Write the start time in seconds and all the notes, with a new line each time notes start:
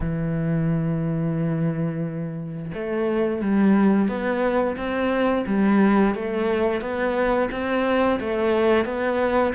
0.00 E3
2.74 A3
3.41 G3
4.08 B3
4.76 C4
5.47 G3
6.14 A3
6.81 B3
7.51 C4
8.20 A3
8.85 B3